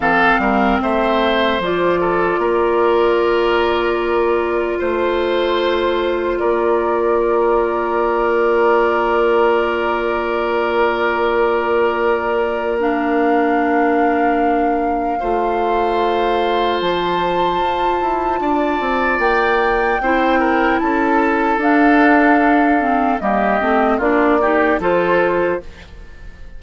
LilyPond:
<<
  \new Staff \with { instrumentName = "flute" } { \time 4/4 \tempo 4 = 75 f''4 e''4 d''2~ | d''2 c''2 | d''1~ | d''1 |
f''1~ | f''4 a''2. | g''2 a''4 f''4~ | f''4 dis''4 d''4 c''4 | }
  \new Staff \with { instrumentName = "oboe" } { \time 4/4 a'8 ais'8 c''4. a'8 ais'4~ | ais'2 c''2 | ais'1~ | ais'1~ |
ais'2. c''4~ | c''2. d''4~ | d''4 c''8 ais'8 a'2~ | a'4 g'4 f'8 g'8 a'4 | }
  \new Staff \with { instrumentName = "clarinet" } { \time 4/4 c'2 f'2~ | f'1~ | f'1~ | f'1 |
d'2. f'4~ | f'1~ | f'4 e'2 d'4~ | d'8 c'8 ais8 c'8 d'8 dis'8 f'4 | }
  \new Staff \with { instrumentName = "bassoon" } { \time 4/4 f8 g8 a4 f4 ais4~ | ais2 a2 | ais1~ | ais1~ |
ais2. a4~ | a4 f4 f'8 e'8 d'8 c'8 | ais4 c'4 cis'4 d'4~ | d'4 g8 a8 ais4 f4 | }
>>